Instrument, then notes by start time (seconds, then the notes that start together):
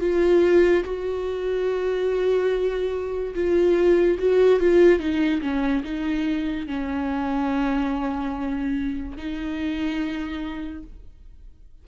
viola
0.00 F4
0.84 F#4
3.34 F4
4.18 F#4
4.59 F4
4.99 D#4
5.41 C#4
5.84 D#4
6.67 C#4
9.17 D#4